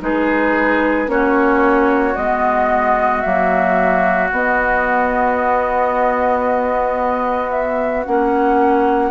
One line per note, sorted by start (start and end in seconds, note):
0.00 1.07 G#3
0.00 1.07 D#4
0.00 1.11 G#4
0.00 1.09 B4
1.07 2.15 A#3
1.07 2.14 C#4
1.07 9.11 F#4
1.07 2.16 C#5
2.16 3.23 G#3
2.16 3.23 B3
2.16 3.21 D#5
3.21 4.32 F#3
3.21 4.31 A#3
3.21 4.28 E5
4.32 8.07 B3
4.32 8.06 B3
4.32 7.50 D#5
7.50 8.04 E5
8.05 9.11 A#3
8.05 9.11 C#4
8.05 9.11 F#5